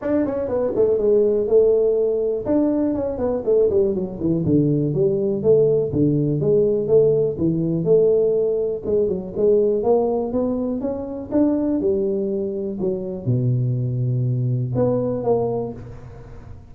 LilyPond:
\new Staff \with { instrumentName = "tuba" } { \time 4/4 \tempo 4 = 122 d'8 cis'8 b8 a8 gis4 a4~ | a4 d'4 cis'8 b8 a8 g8 | fis8 e8 d4 g4 a4 | d4 gis4 a4 e4 |
a2 gis8 fis8 gis4 | ais4 b4 cis'4 d'4 | g2 fis4 b,4~ | b,2 b4 ais4 | }